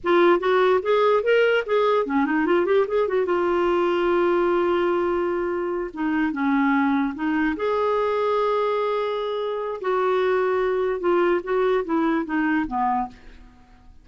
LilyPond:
\new Staff \with { instrumentName = "clarinet" } { \time 4/4 \tempo 4 = 147 f'4 fis'4 gis'4 ais'4 | gis'4 cis'8 dis'8 f'8 g'8 gis'8 fis'8 | f'1~ | f'2~ f'8 dis'4 cis'8~ |
cis'4. dis'4 gis'4.~ | gis'1 | fis'2. f'4 | fis'4 e'4 dis'4 b4 | }